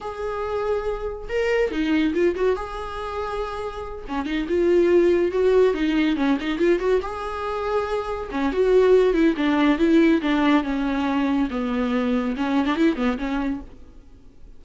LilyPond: \new Staff \with { instrumentName = "viola" } { \time 4/4 \tempo 4 = 141 gis'2. ais'4 | dis'4 f'8 fis'8 gis'2~ | gis'4. cis'8 dis'8 f'4.~ | f'8 fis'4 dis'4 cis'8 dis'8 f'8 |
fis'8 gis'2. cis'8 | fis'4. e'8 d'4 e'4 | d'4 cis'2 b4~ | b4 cis'8. d'16 e'8 b8 cis'4 | }